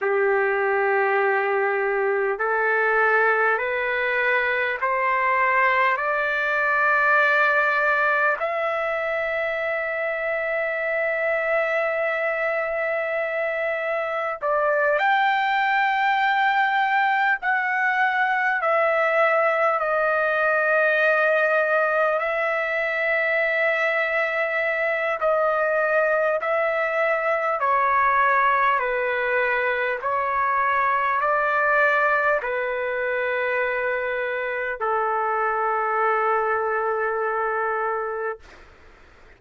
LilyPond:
\new Staff \with { instrumentName = "trumpet" } { \time 4/4 \tempo 4 = 50 g'2 a'4 b'4 | c''4 d''2 e''4~ | e''1 | d''8 g''2 fis''4 e''8~ |
e''8 dis''2 e''4.~ | e''4 dis''4 e''4 cis''4 | b'4 cis''4 d''4 b'4~ | b'4 a'2. | }